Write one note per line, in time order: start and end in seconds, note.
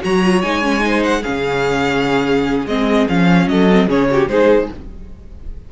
0.00 0.42 F#3
0.00 0.20 F#4
0.00 0.85 C#5
0.00 0.41 A#5
0.23 0.42 F4
0.41 1.24 G#3
0.41 0.62 D#4
0.41 1.03 G#5
0.62 0.79 C#4
0.79 1.20 D#4
0.85 1.22 C5
1.03 1.23 F#5
1.22 2.66 C#3
1.22 2.67 C#4
1.22 3.46 G#4
1.22 2.66 F5
2.66 3.06 G#3
2.66 3.09 C4
2.66 3.07 D#5
3.08 3.46 F3
3.08 3.70 C#4
3.08 3.48 F5
3.46 3.87 F#3
3.46 3.88 A4
3.46 3.89 D#5
3.70 3.89 C4
3.87 4.27 C#3
3.87 4.10 C#4
3.87 4.08 G#4
3.87 4.28 C#5
4.10 4.28 F#4
4.10 4.31 G4
4.27 4.68 G#3
4.27 4.69 D#4
4.27 4.71 G#4
4.27 4.68 C5